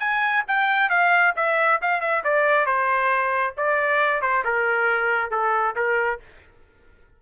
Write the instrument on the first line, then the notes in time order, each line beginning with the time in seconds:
trumpet
0.00 G#5
0.48 G5
0.90 F5
1.36 E5
1.82 F5
2.01 E5
2.24 D5
2.66 C5
3.58 D5
4.22 C5
4.45 A#4
5.31 A4
5.76 A#4